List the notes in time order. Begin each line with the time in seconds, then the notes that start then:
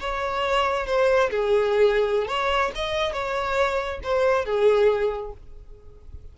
0.00 C#5
0.86 C5
1.30 G#4
2.28 C#5
2.75 D#5
3.13 C#5
4.03 C5
4.45 G#4